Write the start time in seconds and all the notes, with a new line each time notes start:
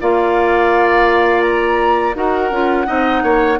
0.00 A#3 F4 D5 F5
1.41 A#5
2.14 D#4 F#4 A#4 F#5
2.51 C#4 F4
2.86 C4 D#4 D#5
3.23 A#3 C#5